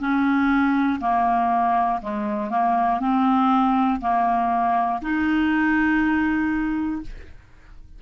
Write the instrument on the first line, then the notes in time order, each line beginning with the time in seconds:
clarinet
0.00 C#4
1.01 A#3
2.02 G#3
2.50 A#3
3.00 C4
4.01 A#3
5.02 D#4